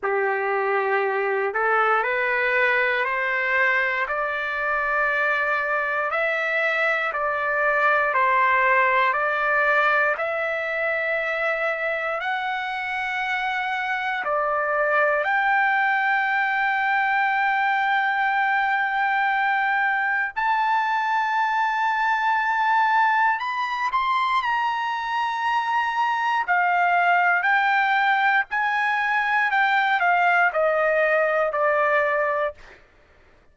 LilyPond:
\new Staff \with { instrumentName = "trumpet" } { \time 4/4 \tempo 4 = 59 g'4. a'8 b'4 c''4 | d''2 e''4 d''4 | c''4 d''4 e''2 | fis''2 d''4 g''4~ |
g''1 | a''2. b''8 c'''8 | ais''2 f''4 g''4 | gis''4 g''8 f''8 dis''4 d''4 | }